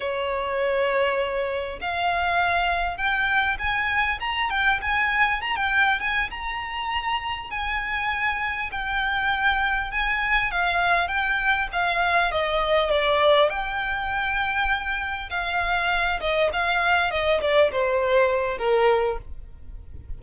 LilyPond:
\new Staff \with { instrumentName = "violin" } { \time 4/4 \tempo 4 = 100 cis''2. f''4~ | f''4 g''4 gis''4 ais''8 g''8 | gis''4 ais''16 g''8. gis''8 ais''4.~ | ais''8 gis''2 g''4.~ |
g''8 gis''4 f''4 g''4 f''8~ | f''8 dis''4 d''4 g''4.~ | g''4. f''4. dis''8 f''8~ | f''8 dis''8 d''8 c''4. ais'4 | }